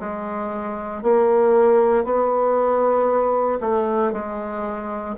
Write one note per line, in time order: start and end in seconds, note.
0.00 1.03 G#3
1.03 2.05 A#3
2.05 3.60 B3
3.61 4.12 A3
4.12 5.16 G#3